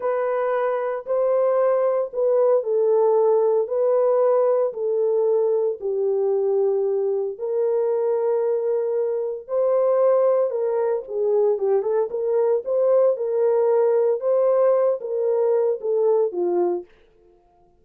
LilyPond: \new Staff \with { instrumentName = "horn" } { \time 4/4 \tempo 4 = 114 b'2 c''2 | b'4 a'2 b'4~ | b'4 a'2 g'4~ | g'2 ais'2~ |
ais'2 c''2 | ais'4 gis'4 g'8 a'8 ais'4 | c''4 ais'2 c''4~ | c''8 ais'4. a'4 f'4 | }